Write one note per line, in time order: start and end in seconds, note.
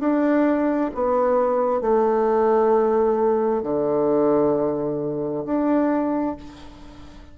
0.00 0.91 D4
0.95 1.81 B3
1.81 3.63 A3
3.63 5.45 D3
5.46 6.37 D4